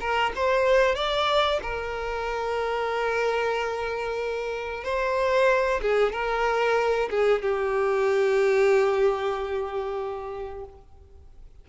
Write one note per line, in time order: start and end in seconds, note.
0.00 0.32 A#4
0.35 0.95 C5
0.95 1.60 D5
1.62 4.84 A#4
4.84 5.80 C5
5.81 6.12 G#4
6.12 7.09 A#4
7.10 7.42 G#4
7.42 10.65 G4